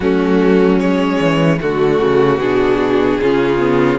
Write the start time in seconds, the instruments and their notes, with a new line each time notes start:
0.00 cello F#3, viola A3, violin C#4 F#4
0.79 viola G#3, violin C#5
1.20 cello E3
1.60 cello D3, viola A3, violin F#4
2.00 cello C#3
2.38 cello B2, viola D4, violin G#4
3.20 cello C#3, viola C#4, violin F4
3.58 viola B3